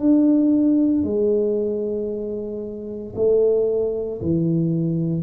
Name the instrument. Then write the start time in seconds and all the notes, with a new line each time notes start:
tuba
0.00 D4
1.04 G#3
3.16 A3
4.22 E3